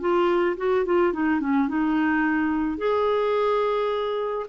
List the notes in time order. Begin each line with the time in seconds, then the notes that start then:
0.00 F4
0.57 F#4
0.85 F4
1.13 D#4
1.40 C#4
1.68 D#4
2.78 G#4